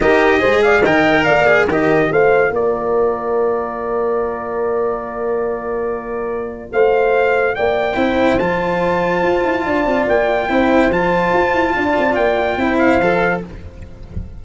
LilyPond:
<<
  \new Staff \with { instrumentName = "trumpet" } { \time 4/4 \tempo 4 = 143 dis''4. f''8 g''4 f''4 | dis''4 f''4 d''2~ | d''1~ | d''1 |
f''2 g''2 | a''1 | g''2 a''2~ | a''4 g''4. f''4. | }
  \new Staff \with { instrumentName = "horn" } { \time 4/4 ais'4 c''8 d''8 dis''4 d''4 | ais'4 c''4 ais'2~ | ais'1~ | ais'1 |
c''2 d''4 c''4~ | c''2. d''4~ | d''4 c''2. | d''2 c''2 | }
  \new Staff \with { instrumentName = "cello" } { \time 4/4 g'4 gis'4 ais'4. gis'8 | g'4 f'2.~ | f'1~ | f'1~ |
f'2. e'4 | f'1~ | f'4 e'4 f'2~ | f'2 e'4 a'4 | }
  \new Staff \with { instrumentName = "tuba" } { \time 4/4 dis'4 gis4 dis4 ais4 | dis4 a4 ais2~ | ais1~ | ais1 |
a2 ais4 c'4 | f2 f'8 e'8 d'8 c'8 | ais4 c'4 f4 f'8 e'8 | d'8 c'8 ais4 c'4 f4 | }
>>